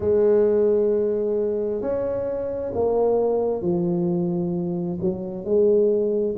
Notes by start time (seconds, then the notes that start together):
0.00 G#3
1.81 C#4
2.74 A#3
3.62 F3
5.00 F#3
5.44 G#3